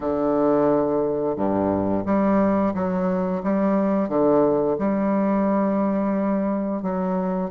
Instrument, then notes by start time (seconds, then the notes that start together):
bassoon
0.00 D3
1.36 G2
2.05 G3
2.73 F#3
3.43 G3
4.08 D3
4.78 G3
6.82 F#3